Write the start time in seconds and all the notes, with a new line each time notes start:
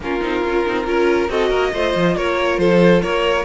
0.00 A#3 C#4 F4 A#4
0.20 C4 D#4
0.43 C#4 F4
0.65 C4 D#4
0.85 C#4 F4 A#4
1.29 C4 F#4 A4 D#5
1.48 A#3 A#4
1.72 A3 F4 C5
1.95 F3
2.16 A#3 A#4 C#5
2.58 F3 A4 C5
3.02 A#3 A#4 C#5